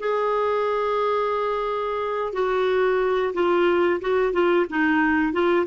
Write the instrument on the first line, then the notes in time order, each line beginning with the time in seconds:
clarinet
0.00 G#4
2.33 F#4
3.34 F4
4.01 F#4
4.33 F4
4.70 D#4
5.33 F4